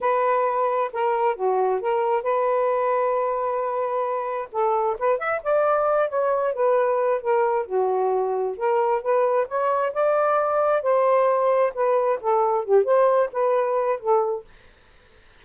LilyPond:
\new Staff \with { instrumentName = "saxophone" } { \time 4/4 \tempo 4 = 133 b'2 ais'4 fis'4 | ais'4 b'2.~ | b'2 a'4 b'8 e''8 | d''4. cis''4 b'4. |
ais'4 fis'2 ais'4 | b'4 cis''4 d''2 | c''2 b'4 a'4 | g'8 c''4 b'4. a'4 | }